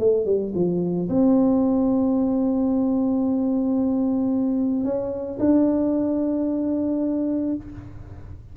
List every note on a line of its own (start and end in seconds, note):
0.00 0.26 A3
0.26 0.53 G3
0.55 1.09 F3
1.09 4.85 C4
4.85 5.39 C#4
5.40 7.56 D4